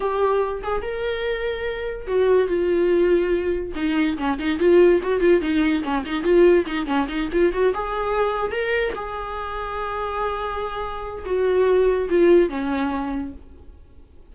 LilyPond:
\new Staff \with { instrumentName = "viola" } { \time 4/4 \tempo 4 = 144 g'4. gis'8 ais'2~ | ais'4 fis'4 f'2~ | f'4 dis'4 cis'8 dis'8 f'4 | fis'8 f'8 dis'4 cis'8 dis'8 f'4 |
dis'8 cis'8 dis'8 f'8 fis'8 gis'4.~ | gis'8 ais'4 gis'2~ gis'8~ | gis'2. fis'4~ | fis'4 f'4 cis'2 | }